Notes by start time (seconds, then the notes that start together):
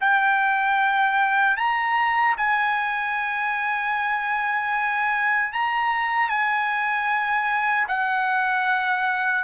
0.00 G5
1.56 A#5
2.37 G#5
5.53 A#5
6.29 G#5
7.88 F#5